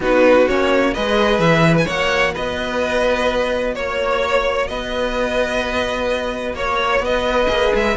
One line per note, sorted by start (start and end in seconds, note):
0.00 0.46 B3
0.00 0.48 D#4
0.00 0.93 F#4
0.00 0.47 B4
0.47 0.96 A#3
0.47 0.95 C#4
0.47 0.94 C#5
0.93 1.38 G#3
0.93 1.87 G#4
0.93 1.84 B4
0.93 1.40 D#5
1.38 1.85 E3
1.38 1.75 E5
1.78 1.87 G#5
1.84 2.35 A#3
1.84 7.47 F#4
1.84 2.31 C#5
1.84 2.34 F#5
2.33 3.76 B3
2.33 3.74 B4
2.33 3.75 D#5
3.75 4.69 A#3
3.75 4.68 C#5
3.75 4.67 C#5
4.67 6.53 B3
4.67 6.55 B4
4.67 6.54 D#5
6.53 6.99 A#3
6.53 7.02 C#5
6.53 7.04 C#5
6.99 7.46 B3
6.99 7.96 B4
6.99 7.75 D#5
7.47 7.72 A#3
7.47 7.94 G#4
7.74 7.96 G#3
7.74 7.96 E5